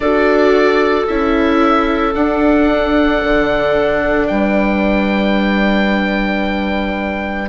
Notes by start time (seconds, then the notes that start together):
0.00 D4 F#4 A4 D5
1.06 C#4 E4 E5
2.13 D4 F#5
3.24 D3
4.27 G3 B4 G5